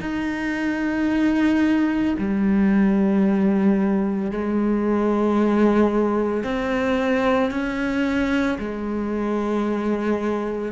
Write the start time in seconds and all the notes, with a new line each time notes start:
0.00 D#4
2.18 G3
4.31 G#3
6.43 C4
7.50 C#4
8.59 G#3